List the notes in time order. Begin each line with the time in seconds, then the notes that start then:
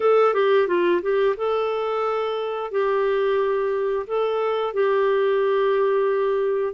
0.00 A4
0.33 G4
0.67 F4
1.01 G4
1.36 A4
2.71 G4
4.06 A4
4.73 G4